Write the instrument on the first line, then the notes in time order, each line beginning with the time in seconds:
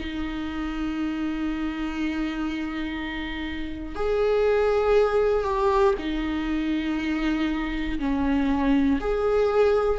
viola
0.00 D#4
3.95 G#4
5.44 G4
5.99 D#4
7.99 C#4
9.00 G#4